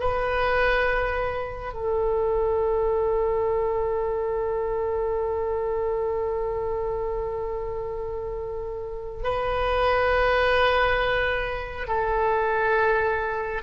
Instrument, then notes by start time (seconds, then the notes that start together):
oboe
0.00 B4
1.73 A4
9.24 B4
11.87 A4